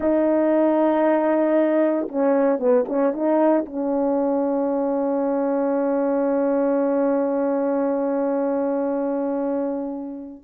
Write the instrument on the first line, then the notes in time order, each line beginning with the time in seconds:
horn
0.00 D#4
2.08 C#4
2.59 B3
2.88 C#4
3.13 D#4
3.65 C#4